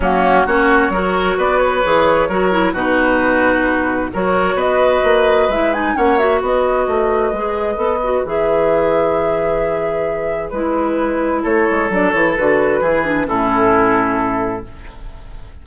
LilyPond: <<
  \new Staff \with { instrumentName = "flute" } { \time 4/4 \tempo 4 = 131 fis'4 cis''2 d''8 cis''8~ | cis''2 b'2~ | b'4 cis''4 dis''2 | e''8 gis''8 fis''8 e''8 dis''2~ |
dis''2 e''2~ | e''2. b'4~ | b'4 cis''4 d''8 cis''8 b'4~ | b'4 a'2. | }
  \new Staff \with { instrumentName = "oboe" } { \time 4/4 cis'4 fis'4 ais'4 b'4~ | b'4 ais'4 fis'2~ | fis'4 ais'4 b'2~ | b'4 cis''4 b'2~ |
b'1~ | b'1~ | b'4 a'2. | gis'4 e'2. | }
  \new Staff \with { instrumentName = "clarinet" } { \time 4/4 ais4 cis'4 fis'2 | gis'4 fis'8 e'8 dis'2~ | dis'4 fis'2. | e'8 dis'8 cis'8 fis'2~ fis'8 |
gis'4 a'8 fis'8 gis'2~ | gis'2. e'4~ | e'2 d'8 e'8 fis'4 | e'8 d'8 cis'2. | }
  \new Staff \with { instrumentName = "bassoon" } { \time 4/4 fis4 ais4 fis4 b4 | e4 fis4 b,2~ | b,4 fis4 b4 ais4 | gis4 ais4 b4 a4 |
gis4 b4 e2~ | e2. gis4~ | gis4 a8 gis8 fis8 e8 d4 | e4 a,2. | }
>>